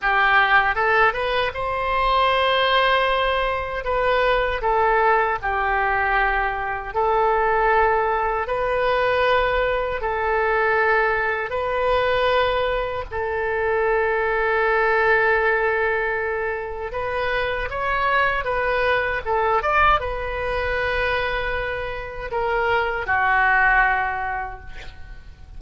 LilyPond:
\new Staff \with { instrumentName = "oboe" } { \time 4/4 \tempo 4 = 78 g'4 a'8 b'8 c''2~ | c''4 b'4 a'4 g'4~ | g'4 a'2 b'4~ | b'4 a'2 b'4~ |
b'4 a'2.~ | a'2 b'4 cis''4 | b'4 a'8 d''8 b'2~ | b'4 ais'4 fis'2 | }